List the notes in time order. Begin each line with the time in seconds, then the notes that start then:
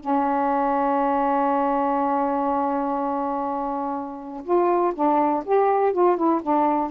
0.00 C#4
4.44 F4
4.95 D4
5.45 G4
5.93 F4
6.17 E4
6.42 D4